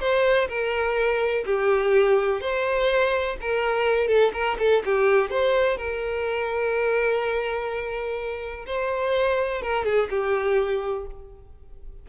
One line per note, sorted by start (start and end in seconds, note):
0.00 0.48 C5
0.48 1.44 A#4
1.46 2.41 G4
2.41 3.37 C5
3.41 4.08 A#4
4.08 4.32 A4
4.33 4.57 A#4
4.59 4.83 A4
4.85 5.30 G4
5.30 5.77 C5
5.77 8.65 A#4
8.66 9.62 C5
9.62 9.85 A#4
9.85 10.09 G#4
10.10 11.06 G4